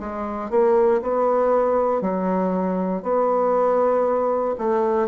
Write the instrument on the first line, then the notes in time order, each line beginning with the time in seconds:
bassoon
0.00 G#3
0.50 A#3
1.02 B3
2.02 F#3
3.03 B3
4.58 A3